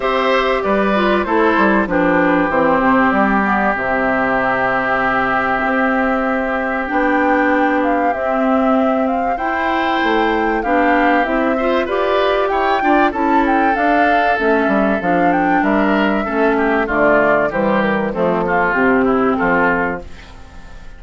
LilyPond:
<<
  \new Staff \with { instrumentName = "flute" } { \time 4/4 \tempo 4 = 96 e''4 d''4 c''4 b'4 | c''4 d''4 e''2~ | e''2. g''4~ | g''8 f''8 e''4. f''8 g''4~ |
g''4 f''4 e''4 d''4 | g''4 a''8 g''8 f''4 e''4 | f''8 g''8 e''2 d''4 | c''8 ais'8 a'4 g'4 a'4 | }
  \new Staff \with { instrumentName = "oboe" } { \time 4/4 c''4 b'4 a'4 g'4~ | g'1~ | g'1~ | g'2. c''4~ |
c''4 g'4. c''8 b'4 | cis''8 d''8 a'2.~ | a'4 ais'4 a'8 g'8 f'4 | g'4 c'8 f'4 e'8 f'4 | }
  \new Staff \with { instrumentName = "clarinet" } { \time 4/4 g'4. f'8 e'4 d'4 | c'4. b8 c'2~ | c'2. d'4~ | d'4 c'2 e'4~ |
e'4 d'4 e'8 f'8 g'4~ | g'8 f'8 e'4 d'4 cis'4 | d'2 cis'4 a4 | g4 a8 ais8 c'2 | }
  \new Staff \with { instrumentName = "bassoon" } { \time 4/4 c'4 g4 a8 g8 f4 | e8 c8 g4 c2~ | c4 c'2 b4~ | b4 c'2 e'4 |
a4 b4 c'4 f'4 | e'8 d'8 cis'4 d'4 a8 g8 | f4 g4 a4 d4 | e4 f4 c4 f4 | }
>>